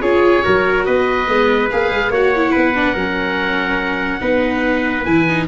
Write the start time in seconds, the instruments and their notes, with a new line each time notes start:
0.00 tuba C#4, viola F4, trumpet G#4, oboe C#5
0.42 tuba F#3, viola F#4, trumpet A#4
0.85 tuba B3, trumpet B4, oboe D#5
1.26 tuba G#3, viola B3
1.70 tuba A#3, viola G#4, oboe F5
1.90 tuba G#3
2.09 tuba A#3, viola F#4, trumpet C#5, oboe F#5
2.35 viola E4
2.51 tuba B3, trumpet B4
2.74 viola D4
2.93 tuba F#3, viola C#4, trumpet A#4
4.20 tuba B3, viola D#4, trumpet B4
5.04 tuba E3, viola E4, oboe G#5
5.28 viola D#4